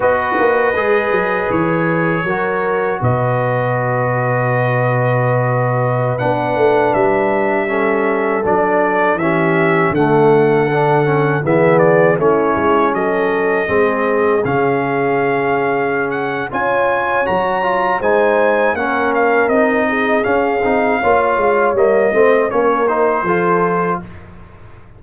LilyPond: <<
  \new Staff \with { instrumentName = "trumpet" } { \time 4/4 \tempo 4 = 80 dis''2 cis''2 | dis''1~ | dis''16 fis''4 e''2 d''8.~ | d''16 e''4 fis''2 e''8 d''16~ |
d''16 cis''4 dis''2 f''8.~ | f''4. fis''8 gis''4 ais''4 | gis''4 fis''8 f''8 dis''4 f''4~ | f''4 dis''4 cis''8 c''4. | }
  \new Staff \with { instrumentName = "horn" } { \time 4/4 b'2. ais'4 | b'1~ | b'2~ b'16 a'4.~ a'16~ | a'16 g'4 a'2 gis'8.~ |
gis'16 e'4 a'4 gis'4.~ gis'16~ | gis'2 cis''2 | c''4 ais'4. gis'4. | cis''4. c''8 ais'4 a'4 | }
  \new Staff \with { instrumentName = "trombone" } { \time 4/4 fis'4 gis'2 fis'4~ | fis'1~ | fis'16 d'2 cis'4 d'8.~ | d'16 cis'4 a4 d'8 cis'8 b8.~ |
b16 cis'2 c'4 cis'8.~ | cis'2 f'4 fis'8 f'8 | dis'4 cis'4 dis'4 cis'8 dis'8 | f'4 ais8 c'8 cis'8 dis'8 f'4 | }
  \new Staff \with { instrumentName = "tuba" } { \time 4/4 b8 ais8 gis8 fis8 e4 fis4 | b,1~ | b,16 b8 a8 g2 fis8.~ | fis16 e4 d2 e8.~ |
e16 a8 gis8 fis4 gis4 cis8.~ | cis2 cis'4 fis4 | gis4 ais4 c'4 cis'8 c'8 | ais8 gis8 g8 a8 ais4 f4 | }
>>